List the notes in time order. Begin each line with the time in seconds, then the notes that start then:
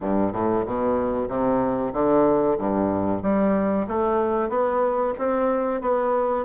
0.01 G2
0.32 A2
0.66 B2
1.28 C3
1.93 D3
2.57 G2
3.22 G3
3.87 A3
4.49 B3
5.18 C4
5.81 B3